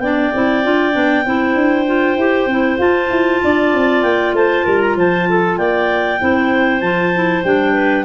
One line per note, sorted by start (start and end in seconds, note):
0.00 0.31 B3
0.00 0.34 D4
0.00 1.25 D5
0.00 2.78 G5
0.34 0.65 C4
0.34 0.64 E4
0.64 0.95 D4
0.64 0.93 F4
0.93 1.26 B3
0.93 1.24 D4
1.25 1.55 C4
1.25 1.86 E4
1.25 3.42 C5
1.55 2.16 D4
1.86 2.17 F4
2.16 2.47 E4
2.16 2.50 G4
2.47 2.78 C4
2.47 2.79 E4
2.79 6.19 F4
2.79 3.10 F4
2.79 4.03 A5
3.10 3.41 E4
3.44 3.74 D4
3.44 4.36 D5
3.74 4.04 C4
4.03 4.34 A#3
4.03 4.34 G5
4.34 4.64 A3
4.34 4.65 C5
4.34 4.81 A5
4.65 4.96 G3
4.65 4.96 A#4
4.81 4.96 A#5
4.96 5.58 F3
4.96 5.29 C5
4.96 5.58 A5
5.29 5.59 A4
5.58 6.20 A#3
5.58 6.21 D5
5.58 6.81 G5
6.20 6.82 C4
6.20 6.82 E4
6.20 7.74 C5
6.81 7.43 F3
6.81 7.13 F4
6.81 7.43 A5
7.14 7.44 E4
7.44 8.05 G3
7.44 8.05 D4
7.44 8.05 G5
7.74 8.05 B4